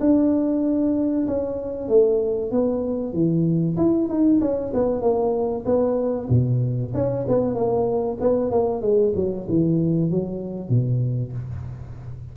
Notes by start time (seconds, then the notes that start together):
0.00 D4
1.27 C#4
1.88 A3
2.51 B3
3.13 E3
3.77 E4
4.08 D#4
4.41 C#4
4.73 B3
5.01 A#3
5.65 B3
6.29 B2
6.94 C#4
7.28 B3
7.54 A#3
8.20 B3
8.51 A#3
8.81 G#3
9.16 F#3
9.49 E3
10.10 F#3
10.69 B2